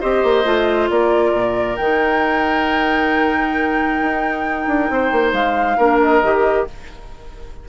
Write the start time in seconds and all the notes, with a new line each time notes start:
0.00 C4 G4 C5 D#5
0.23 A#3
0.44 A3 F4
0.90 A#3 A#4 D5
1.32 A#2
1.76 D#3 D#4 G5
4.01 D#4
4.67 D4
4.89 C4 C5
5.11 A#3
5.32 G#3 F5
5.77 A#3 D4 A#4
6.02 D#5
6.23 D#3 G4